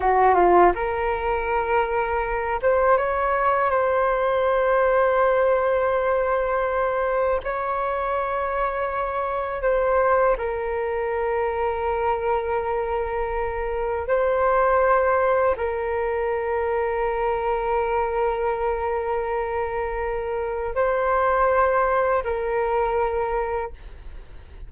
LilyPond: \new Staff \with { instrumentName = "flute" } { \time 4/4 \tempo 4 = 81 fis'8 f'8 ais'2~ ais'8 c''8 | cis''4 c''2.~ | c''2 cis''2~ | cis''4 c''4 ais'2~ |
ais'2. c''4~ | c''4 ais'2.~ | ais'1 | c''2 ais'2 | }